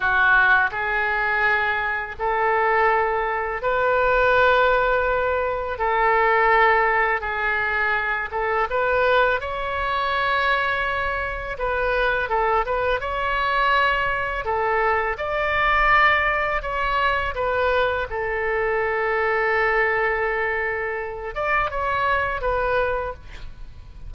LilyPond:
\new Staff \with { instrumentName = "oboe" } { \time 4/4 \tempo 4 = 83 fis'4 gis'2 a'4~ | a'4 b'2. | a'2 gis'4. a'8 | b'4 cis''2. |
b'4 a'8 b'8 cis''2 | a'4 d''2 cis''4 | b'4 a'2.~ | a'4. d''8 cis''4 b'4 | }